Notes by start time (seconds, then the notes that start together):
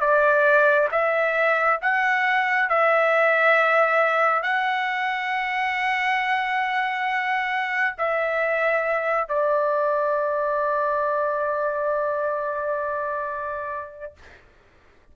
0.00 D5
0.91 E5
1.82 F#5
2.69 E5
4.42 F#5
7.98 E5
9.28 D5